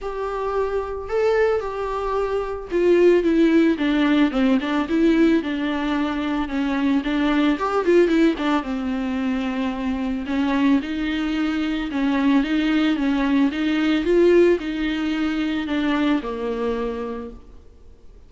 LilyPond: \new Staff \with { instrumentName = "viola" } { \time 4/4 \tempo 4 = 111 g'2 a'4 g'4~ | g'4 f'4 e'4 d'4 | c'8 d'8 e'4 d'2 | cis'4 d'4 g'8 f'8 e'8 d'8 |
c'2. cis'4 | dis'2 cis'4 dis'4 | cis'4 dis'4 f'4 dis'4~ | dis'4 d'4 ais2 | }